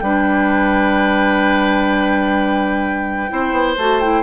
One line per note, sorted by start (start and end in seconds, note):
0.00 3.29 G3
0.00 3.29 D4
0.00 3.31 B4
0.00 3.75 G5
3.29 3.52 C4
3.29 3.76 E4
3.29 4.23 C5
3.52 3.75 B3
3.78 4.23 A3
3.78 4.02 F#4
3.78 4.00 A5
4.00 4.23 E4
4.00 4.23 G5